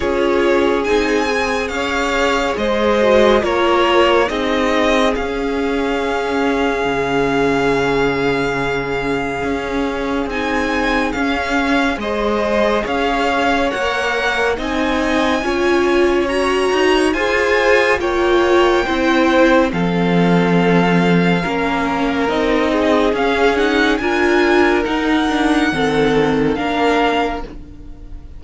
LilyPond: <<
  \new Staff \with { instrumentName = "violin" } { \time 4/4 \tempo 4 = 70 cis''4 gis''4 f''4 dis''4 | cis''4 dis''4 f''2~ | f''1 | gis''4 f''4 dis''4 f''4 |
fis''4 gis''2 ais''4 | gis''4 g''2 f''4~ | f''2 dis''4 f''8 fis''8 | gis''4 fis''2 f''4 | }
  \new Staff \with { instrumentName = "violin" } { \time 4/4 gis'2 cis''4 c''4 | ais'4 gis'2.~ | gis'1~ | gis'2 c''4 cis''4~ |
cis''4 dis''4 cis''2 | c''4 cis''4 c''4 a'4~ | a'4 ais'4. gis'4. | ais'2 a'4 ais'4 | }
  \new Staff \with { instrumentName = "viola" } { \time 4/4 f'4 dis'8 gis'2 fis'8 | f'4 dis'4 cis'2~ | cis'1 | dis'4 cis'4 gis'2 |
ais'4 dis'4 f'4 fis'4 | gis'4 f'4 e'4 c'4~ | c'4 cis'4 dis'4 cis'8 dis'8 | f'4 dis'8 d'8 c'4 d'4 | }
  \new Staff \with { instrumentName = "cello" } { \time 4/4 cis'4 c'4 cis'4 gis4 | ais4 c'4 cis'2 | cis2. cis'4 | c'4 cis'4 gis4 cis'4 |
ais4 c'4 cis'4. dis'8 | f'4 ais4 c'4 f4~ | f4 ais4 c'4 cis'4 | d'4 dis'4 dis4 ais4 | }
>>